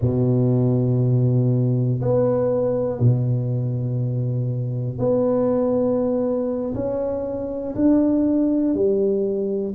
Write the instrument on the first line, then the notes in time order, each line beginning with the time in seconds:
tuba
0.01 B2
2.01 B3
3.00 B2
4.98 B3
6.75 C#4
7.75 D4
8.74 G3